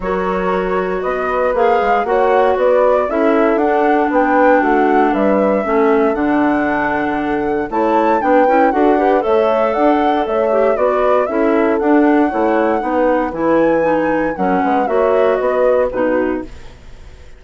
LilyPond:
<<
  \new Staff \with { instrumentName = "flute" } { \time 4/4 \tempo 4 = 117 cis''2 dis''4 f''4 | fis''4 d''4 e''4 fis''4 | g''4 fis''4 e''2 | fis''2. a''4 |
g''4 fis''4 e''4 fis''4 | e''4 d''4 e''4 fis''4~ | fis''2 gis''2 | fis''4 e''4 dis''4 b'4 | }
  \new Staff \with { instrumentName = "horn" } { \time 4/4 ais'2 b'2 | cis''4 b'4 a'2 | b'4 fis'4 b'4 a'4~ | a'2. cis''4 |
b'4 a'8 b'8 cis''4 d''4 | cis''4 b'4 a'2 | cis''4 b'2. | ais'8 b'8 cis''4 b'4 fis'4 | }
  \new Staff \with { instrumentName = "clarinet" } { \time 4/4 fis'2. gis'4 | fis'2 e'4 d'4~ | d'2. cis'4 | d'2. e'4 |
d'8 e'8 fis'8 g'8 a'2~ | a'8 g'8 fis'4 e'4 d'4 | e'4 dis'4 e'4 dis'4 | cis'4 fis'2 dis'4 | }
  \new Staff \with { instrumentName = "bassoon" } { \time 4/4 fis2 b4 ais8 gis8 | ais4 b4 cis'4 d'4 | b4 a4 g4 a4 | d2. a4 |
b8 cis'8 d'4 a4 d'4 | a4 b4 cis'4 d'4 | a4 b4 e2 | fis8 gis8 ais4 b4 b,4 | }
>>